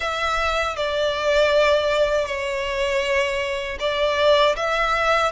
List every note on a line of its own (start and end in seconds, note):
0.00 0.76 E5
0.76 2.26 D5
2.26 3.78 C#5
3.79 4.55 D5
4.56 5.31 E5